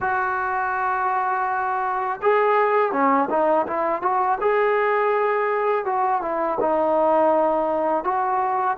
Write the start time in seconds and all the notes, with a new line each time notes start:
0.00 F#4
2.22 G#4
2.92 C#4
3.29 D#4
3.67 E4
4.01 F#4
4.40 G#4
5.85 F#4
6.21 E4
6.60 D#4
8.04 F#4